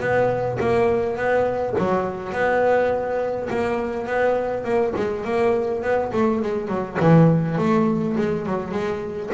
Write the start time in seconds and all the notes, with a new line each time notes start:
0.00 B3
0.60 A#3
1.17 B3
1.78 F#3
2.32 B3
3.50 A#3
4.07 B3
4.64 A#3
4.96 G#3
5.25 A#3
5.83 B3
6.13 A3
6.42 G#3
6.68 F#3
7.00 E3
7.58 A3
8.17 G#3
8.46 F#3
8.72 G#3